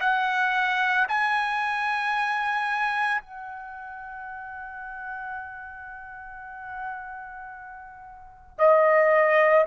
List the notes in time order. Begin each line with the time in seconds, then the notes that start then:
0.00 F#5
1.08 G#5
3.21 F#5
8.58 D#5